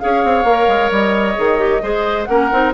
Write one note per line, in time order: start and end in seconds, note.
0.00 0.25 C#4
0.00 0.46 G#4
0.00 1.83 C#5
0.00 0.91 F5
0.25 0.45 C4
0.45 0.67 A#3
0.45 1.36 A#4
0.68 0.91 G#3
0.92 1.37 G3
0.92 2.25 D#5
1.36 1.83 D#3
1.36 1.59 G#4
1.59 1.81 G4
1.82 2.28 G#3
1.82 2.28 G#4
1.82 2.29 C5
2.25 2.52 A#3
2.25 2.51 C#4
2.25 2.74 A#4
2.25 2.71 F#5
2.52 2.74 C4
2.52 2.74 D#4